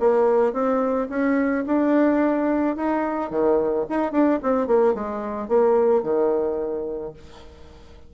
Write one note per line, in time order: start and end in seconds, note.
0.00 0.53 A#3
0.53 1.08 C4
1.10 1.65 C#4
1.67 2.76 D4
2.76 3.31 D#4
3.31 3.86 D#3
3.90 4.12 D#4
4.12 4.40 D4
4.43 4.68 C4
4.68 4.95 A#3
4.95 5.49 G#3
5.49 6.04 A#3
6.04 7.14 D#3